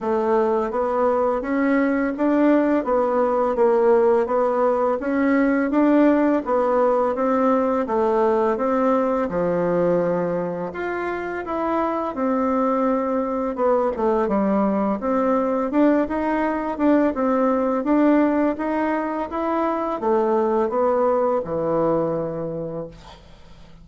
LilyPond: \new Staff \with { instrumentName = "bassoon" } { \time 4/4 \tempo 4 = 84 a4 b4 cis'4 d'4 | b4 ais4 b4 cis'4 | d'4 b4 c'4 a4 | c'4 f2 f'4 |
e'4 c'2 b8 a8 | g4 c'4 d'8 dis'4 d'8 | c'4 d'4 dis'4 e'4 | a4 b4 e2 | }